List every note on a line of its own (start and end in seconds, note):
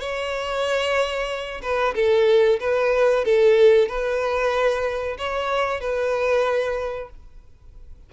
0.00 1.61 C#5
1.62 1.94 B4
1.95 2.59 A4
2.60 3.25 B4
3.25 3.88 A4
3.88 5.17 B4
5.18 5.80 C#5
5.80 7.09 B4